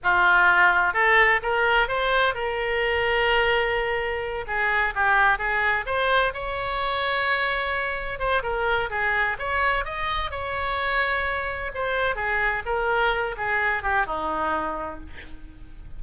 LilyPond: \new Staff \with { instrumentName = "oboe" } { \time 4/4 \tempo 4 = 128 f'2 a'4 ais'4 | c''4 ais'2.~ | ais'4. gis'4 g'4 gis'8~ | gis'8 c''4 cis''2~ cis''8~ |
cis''4. c''8 ais'4 gis'4 | cis''4 dis''4 cis''2~ | cis''4 c''4 gis'4 ais'4~ | ais'8 gis'4 g'8 dis'2 | }